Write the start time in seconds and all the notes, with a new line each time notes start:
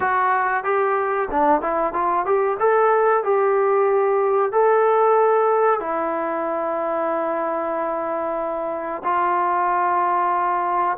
0.00 F#4
0.63 G4
1.30 D4
1.61 E4
1.93 F4
2.25 G4
2.59 A4
3.23 G4
4.52 A4
5.79 E4
9.04 F4